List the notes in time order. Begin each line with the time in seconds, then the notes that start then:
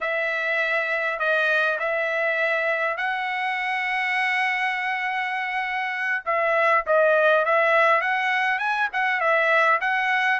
0.00 E5
1.19 D#5
1.79 E5
2.97 F#5
6.25 E5
6.86 D#5
7.45 E5
8.01 F#5
8.58 G#5
8.92 F#5
9.20 E5
9.80 F#5